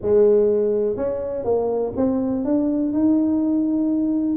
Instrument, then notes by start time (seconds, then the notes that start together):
tuba
0.01 G#3
0.96 C#4
1.44 A#3
1.96 C4
2.44 D4
2.93 D#4